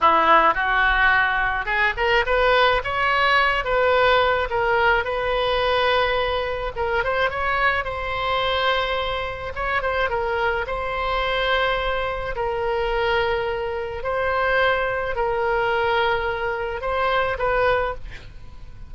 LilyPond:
\new Staff \with { instrumentName = "oboe" } { \time 4/4 \tempo 4 = 107 e'4 fis'2 gis'8 ais'8 | b'4 cis''4. b'4. | ais'4 b'2. | ais'8 c''8 cis''4 c''2~ |
c''4 cis''8 c''8 ais'4 c''4~ | c''2 ais'2~ | ais'4 c''2 ais'4~ | ais'2 c''4 b'4 | }